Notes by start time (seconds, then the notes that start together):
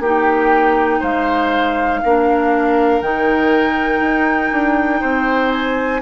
0.00 A#3 D#4 G4 G5
1.00 G#3 C5 F5
2.03 A#3 D4 A#4
3.01 D#3 D#4 G5
4.01 D#4
4.52 D4
5.01 C4 C5
5.52 G#5